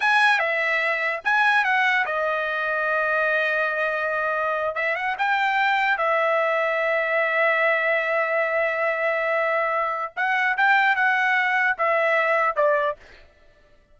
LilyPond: \new Staff \with { instrumentName = "trumpet" } { \time 4/4 \tempo 4 = 148 gis''4 e''2 gis''4 | fis''4 dis''2.~ | dis''2.~ dis''8. e''16~ | e''16 fis''8 g''2 e''4~ e''16~ |
e''1~ | e''1~ | e''4 fis''4 g''4 fis''4~ | fis''4 e''2 d''4 | }